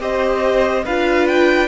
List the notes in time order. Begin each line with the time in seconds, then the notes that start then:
0.00 C4 G4 C5 D#5
0.84 D4 F4 B4 F5
1.27 G5